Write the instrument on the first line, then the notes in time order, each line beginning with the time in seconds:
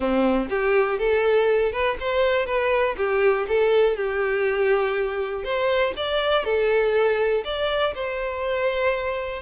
violin
0.00 C4
0.49 G4
0.98 A4
1.72 B4
2.00 C5
2.46 B4
2.97 G4
3.47 A4
3.96 G4
5.44 C5
5.96 D5
6.44 A4
7.44 D5
7.94 C5